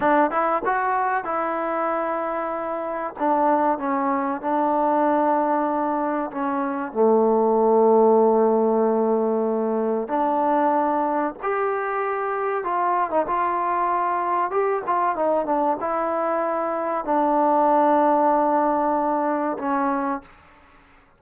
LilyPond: \new Staff \with { instrumentName = "trombone" } { \time 4/4 \tempo 4 = 95 d'8 e'8 fis'4 e'2~ | e'4 d'4 cis'4 d'4~ | d'2 cis'4 a4~ | a1 |
d'2 g'2 | f'8. dis'16 f'2 g'8 f'8 | dis'8 d'8 e'2 d'4~ | d'2. cis'4 | }